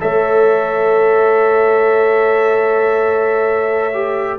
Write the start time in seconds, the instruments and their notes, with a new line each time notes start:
0.00 tuba A3, trombone A4, horn C#5, trumpet E5
3.94 trombone G4